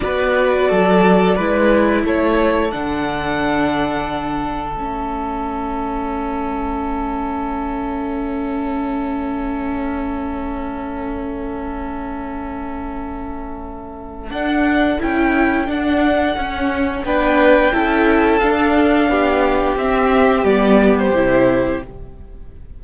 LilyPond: <<
  \new Staff \with { instrumentName = "violin" } { \time 4/4 \tempo 4 = 88 d''2. cis''4 | fis''2. e''4~ | e''1~ | e''1~ |
e''1~ | e''4 fis''4 g''4 fis''4~ | fis''4 g''2 f''4~ | f''4 e''4 d''8. c''4~ c''16 | }
  \new Staff \with { instrumentName = "violin" } { \time 4/4 b'4 a'4 b'4 a'4~ | a'1~ | a'1~ | a'1~ |
a'1~ | a'1~ | a'4 b'4 a'2 | g'1 | }
  \new Staff \with { instrumentName = "viola" } { \time 4/4 fis'2 e'2 | d'2. cis'4~ | cis'1~ | cis'1~ |
cis'1~ | cis'4 d'4 e'4 d'4 | cis'4 d'4 e'4 d'4~ | d'4 c'4 b4 e'4 | }
  \new Staff \with { instrumentName = "cello" } { \time 4/4 b4 fis4 gis4 a4 | d2. a4~ | a1~ | a1~ |
a1~ | a4 d'4 cis'4 d'4 | cis'4 b4 cis'4 d'4 | b4 c'4 g4 c4 | }
>>